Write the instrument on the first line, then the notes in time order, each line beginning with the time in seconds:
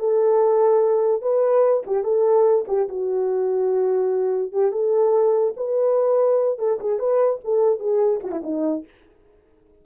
horn
0.00 A4
1.22 B4
1.87 G4
2.04 A4
2.68 G4
2.89 F#4
4.53 G4
4.72 A4
5.57 B4
6.59 A4
6.81 G#4
6.99 B4
7.45 A4
7.80 G#4
8.24 F#4
8.32 E4
8.44 D#4